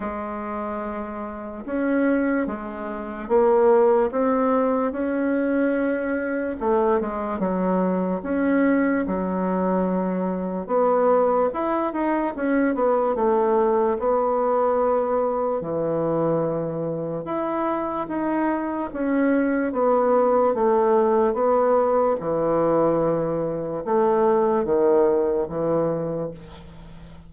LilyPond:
\new Staff \with { instrumentName = "bassoon" } { \time 4/4 \tempo 4 = 73 gis2 cis'4 gis4 | ais4 c'4 cis'2 | a8 gis8 fis4 cis'4 fis4~ | fis4 b4 e'8 dis'8 cis'8 b8 |
a4 b2 e4~ | e4 e'4 dis'4 cis'4 | b4 a4 b4 e4~ | e4 a4 dis4 e4 | }